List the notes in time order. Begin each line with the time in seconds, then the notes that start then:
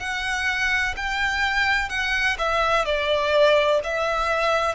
0.00 F#5
0.97 G5
1.90 F#5
2.39 E5
2.86 D5
3.84 E5